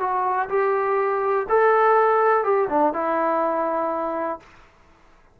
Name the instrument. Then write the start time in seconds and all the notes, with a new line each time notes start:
trombone
0.00 F#4
0.49 G4
1.49 A4
2.44 G4
2.69 D4
2.94 E4